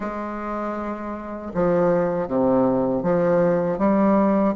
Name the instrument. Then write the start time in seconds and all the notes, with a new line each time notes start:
bassoon
0.00 G#3
1.54 F3
2.27 C3
3.02 F3
3.78 G3